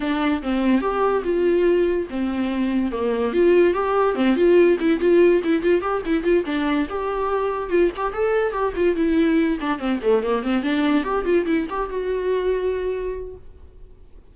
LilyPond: \new Staff \with { instrumentName = "viola" } { \time 4/4 \tempo 4 = 144 d'4 c'4 g'4 f'4~ | f'4 c'2 ais4 | f'4 g'4 c'8 f'4 e'8 | f'4 e'8 f'8 g'8 e'8 f'8 d'8~ |
d'8 g'2 f'8 g'8 a'8~ | a'8 g'8 f'8 e'4. d'8 c'8 | a8 ais8 c'8 d'4 g'8 f'8 e'8 | g'8 fis'2.~ fis'8 | }